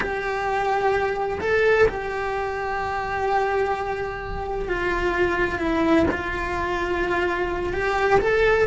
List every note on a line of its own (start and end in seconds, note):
0.00 1.38 G4
1.40 1.87 A4
1.88 4.68 G4
4.68 5.59 F4
5.59 6.06 E4
6.10 7.73 F4
7.73 8.20 G4
8.20 8.67 A4